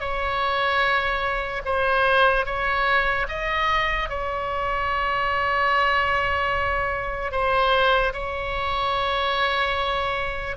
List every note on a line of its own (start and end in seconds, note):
0.00 1.62 C#5
1.66 2.46 C5
2.46 3.27 C#5
3.29 4.09 D#5
4.09 7.32 C#5
7.32 8.13 C5
8.14 10.57 C#5